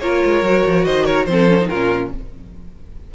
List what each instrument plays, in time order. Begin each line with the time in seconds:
0.00 cello A#3, viola F4, violin A#4 C#5
0.25 cello G#3
0.42 cello F#3, viola F#4
0.66 cello F3
0.85 cello D#3, violin C5 D#5
1.04 violin A#4 C#5
1.25 cello F3, viola C4, violin C5
1.32 violin A4
1.49 viola C#4
1.60 viola D#4
1.69 cello A#2, viola C#4, violin F4 A#4